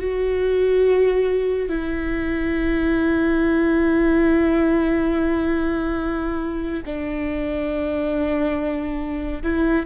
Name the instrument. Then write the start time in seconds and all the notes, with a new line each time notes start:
viola
0.00 F#4
1.69 E4
6.86 D4
9.43 E4